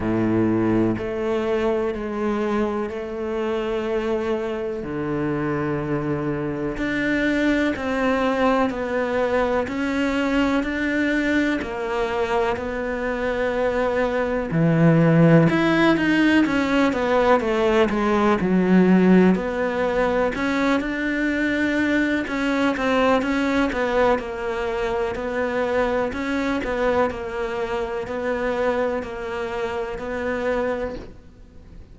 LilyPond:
\new Staff \with { instrumentName = "cello" } { \time 4/4 \tempo 4 = 62 a,4 a4 gis4 a4~ | a4 d2 d'4 | c'4 b4 cis'4 d'4 | ais4 b2 e4 |
e'8 dis'8 cis'8 b8 a8 gis8 fis4 | b4 cis'8 d'4. cis'8 c'8 | cis'8 b8 ais4 b4 cis'8 b8 | ais4 b4 ais4 b4 | }